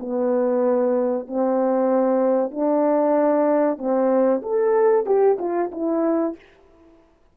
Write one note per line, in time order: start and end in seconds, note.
0.00 1.27 B3
1.27 2.51 C4
2.51 3.78 D4
3.78 4.42 C4
4.42 5.06 A4
5.06 5.38 G4
5.39 5.71 F4
5.72 6.36 E4